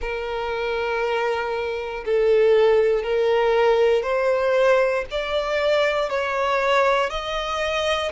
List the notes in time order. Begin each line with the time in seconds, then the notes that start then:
0.00 A#4
2.05 A4
3.03 A#4
4.03 C5
5.11 D5
6.09 C#5
7.10 D#5